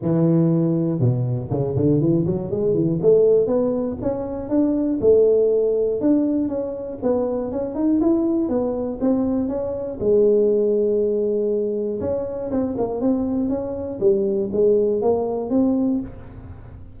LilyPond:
\new Staff \with { instrumentName = "tuba" } { \time 4/4 \tempo 4 = 120 e2 b,4 cis8 d8 | e8 fis8 gis8 e8 a4 b4 | cis'4 d'4 a2 | d'4 cis'4 b4 cis'8 dis'8 |
e'4 b4 c'4 cis'4 | gis1 | cis'4 c'8 ais8 c'4 cis'4 | g4 gis4 ais4 c'4 | }